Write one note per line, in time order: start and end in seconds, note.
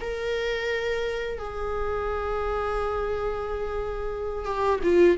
0.00 1.38 A#4
1.38 4.45 G#4
4.45 4.79 G4
4.83 5.17 F4